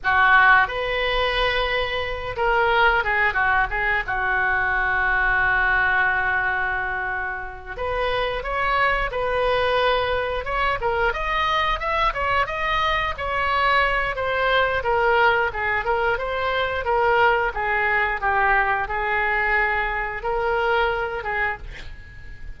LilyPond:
\new Staff \with { instrumentName = "oboe" } { \time 4/4 \tempo 4 = 89 fis'4 b'2~ b'8 ais'8~ | ais'8 gis'8 fis'8 gis'8 fis'2~ | fis'2.~ fis'8 b'8~ | b'8 cis''4 b'2 cis''8 |
ais'8 dis''4 e''8 cis''8 dis''4 cis''8~ | cis''4 c''4 ais'4 gis'8 ais'8 | c''4 ais'4 gis'4 g'4 | gis'2 ais'4. gis'8 | }